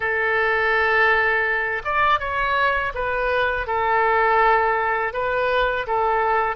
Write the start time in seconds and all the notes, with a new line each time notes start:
0.00 A4
1.84 D5
2.20 C#5
2.94 B4
3.67 A4
5.13 B4
5.86 A4